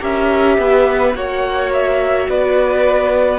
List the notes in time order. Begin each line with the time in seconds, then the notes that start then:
0.00 C#4 G4 A#4 E5
0.58 B3 B4
1.14 A#3 F#4 C#5 F#5
1.73 E5
2.29 B3 B4 D5